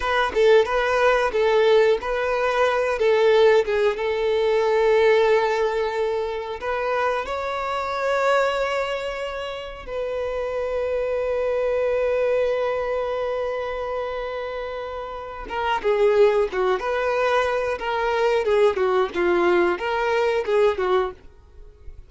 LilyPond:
\new Staff \with { instrumentName = "violin" } { \time 4/4 \tempo 4 = 91 b'8 a'8 b'4 a'4 b'4~ | b'8 a'4 gis'8 a'2~ | a'2 b'4 cis''4~ | cis''2. b'4~ |
b'1~ | b'2.~ b'8 ais'8 | gis'4 fis'8 b'4. ais'4 | gis'8 fis'8 f'4 ais'4 gis'8 fis'8 | }